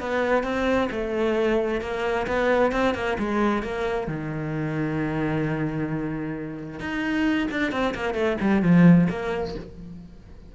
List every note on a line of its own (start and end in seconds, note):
0.00 0.43 B3
0.43 0.89 C4
0.91 1.81 A3
1.81 2.26 A#3
2.27 2.72 B3
2.72 2.94 C4
2.94 3.17 A#3
3.19 3.62 G#3
3.62 4.07 A#3
4.07 6.80 D#3
6.80 7.48 D#4
7.51 7.71 D4
7.71 7.94 C4
7.95 8.14 A#3
8.14 8.37 A3
8.40 8.62 G3
8.62 9.08 F3
9.10 9.55 A#3